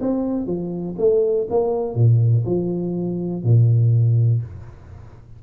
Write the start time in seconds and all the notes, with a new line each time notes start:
0.00 C4
0.46 F3
0.98 A3
1.49 A#3
1.94 A#2
2.45 F3
3.43 A#2